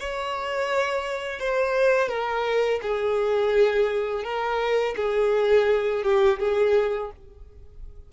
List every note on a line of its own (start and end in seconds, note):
0.00 1.40 C#5
1.40 2.09 C5
2.09 2.81 A#4
2.82 4.24 G#4
4.24 4.95 A#4
4.96 6.04 G#4
6.04 6.39 G4
6.40 7.11 G#4